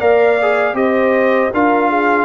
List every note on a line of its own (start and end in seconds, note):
0.00 0.74 A#3
0.00 0.38 A#4
0.00 0.76 D5
0.00 0.76 F5
0.42 0.75 G#4
0.74 1.50 C4
0.74 1.50 G4
0.74 1.54 C5
0.74 1.52 D#5
1.54 2.25 D4
1.54 2.25 F4
1.54 1.89 A#4
1.54 2.25 F5
1.89 2.25 G#4